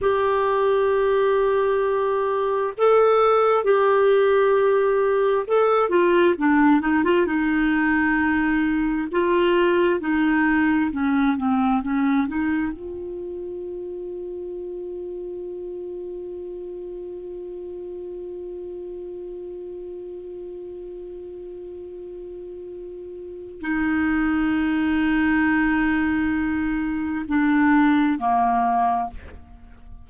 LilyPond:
\new Staff \with { instrumentName = "clarinet" } { \time 4/4 \tempo 4 = 66 g'2. a'4 | g'2 a'8 f'8 d'8 dis'16 f'16 | dis'2 f'4 dis'4 | cis'8 c'8 cis'8 dis'8 f'2~ |
f'1~ | f'1~ | f'2 dis'2~ | dis'2 d'4 ais4 | }